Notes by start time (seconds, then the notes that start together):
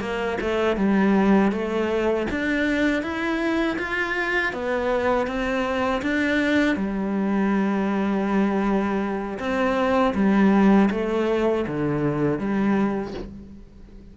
0.00 A#3
0.41 A3
0.76 G3
1.51 A3
2.30 D4
3.02 E4
3.78 F4
4.53 B3
5.27 C4
6.02 D4
6.76 G3
9.39 C4
10.14 G3
10.90 A3
11.67 D3
12.39 G3